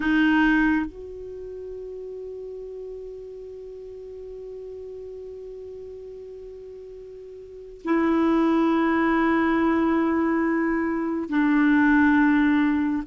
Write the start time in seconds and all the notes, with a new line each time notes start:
0.00 D#4
0.86 F#4
7.84 E4
11.29 D4